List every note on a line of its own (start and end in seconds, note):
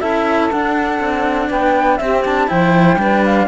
0.00 0.52 C#4
0.00 0.51 E4
0.00 1.49 A4
0.00 0.50 E5
0.51 2.00 D4
0.51 1.00 D4
0.51 1.50 F#5
1.00 1.50 C4
1.49 2.00 B3
1.49 1.99 B4
1.49 1.98 G5
1.98 2.25 C4
1.98 2.50 C4
1.98 2.50 G4
1.98 2.22 E5
2.25 2.48 D4
2.25 2.49 A5
2.48 2.97 F3
2.48 2.97 E4
2.48 2.99 C5
2.48 3.24 G5
2.97 3.46 G3
2.97 3.48 D4
2.97 3.48 B4
3.25 3.48 F5